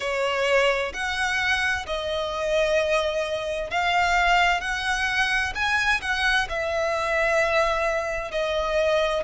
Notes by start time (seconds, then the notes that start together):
0.00 C#5
0.93 F#5
1.86 D#5
3.70 F5
4.61 F#5
5.54 G#5
6.01 F#5
6.49 E5
8.31 D#5